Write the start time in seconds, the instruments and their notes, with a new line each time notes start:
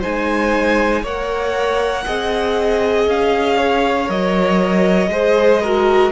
0.00 cello G#3, viola D#4, violin C5 G#5
1.02 cello A#3, viola A#4, violin C#5 F#5
2.05 cello C4, viola G#4, violin D#5
3.07 cello C#4, violin F5
3.57 violin C#5
4.06 cello F#3, viola A#4, violin D#5
5.08 cello G#3, viola G#4, violin C5
5.62 viola F#4, violin A#4